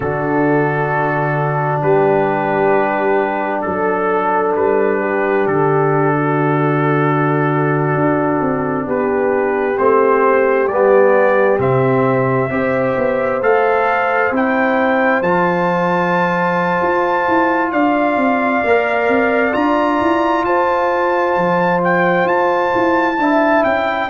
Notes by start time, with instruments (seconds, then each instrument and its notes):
0.00 tuba D3, trombone D4, horn F#4, trumpet A4
1.82 tuba G3, horn G4, trumpet B4
3.61 tuba F#3, trumpet A4, horn A4
4.55 tuba G3, trumpet B4
5.00 horn G4
5.46 tuba D3, trumpet A4
6.14 horn F#4
7.94 tuba D4
8.41 tuba C4
8.86 tuba B3, horn G4, trumpet B4
9.77 tuba A3, trombone C4, trumpet C5
10.67 tuba G3, trombone B3, trumpet D5
11.58 tuba C3, trombone C4, trumpet E5
12.49 tuba C4, trombone G4, horn C5
12.96 tuba B3
13.41 tuba A3, trombone A4, trumpet F5
14.31 tuba C4, trombone E4, trumpet G5
15.21 tuba F3, trombone F4, trumpet A5
16.81 tuba F4
17.27 tuba E4
17.72 tuba D4, horn D5, trumpet F5
18.16 tuba C4
18.64 tuba A#3, trombone A#4
19.08 tuba C4
19.52 tuba D4, trombone F4, trumpet A#5
20.01 tuba E4
20.44 tuba F4, horn C5, trumpet A5
21.36 tuba F3
21.84 trumpet G5
22.23 tuba F4, trumpet A5
22.75 tuba E4
23.18 tuba D4, trombone E4, horn E5
23.64 tuba C#4, trumpet G5